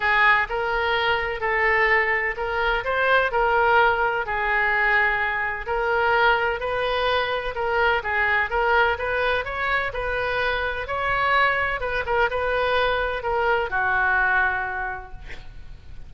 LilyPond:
\new Staff \with { instrumentName = "oboe" } { \time 4/4 \tempo 4 = 127 gis'4 ais'2 a'4~ | a'4 ais'4 c''4 ais'4~ | ais'4 gis'2. | ais'2 b'2 |
ais'4 gis'4 ais'4 b'4 | cis''4 b'2 cis''4~ | cis''4 b'8 ais'8 b'2 | ais'4 fis'2. | }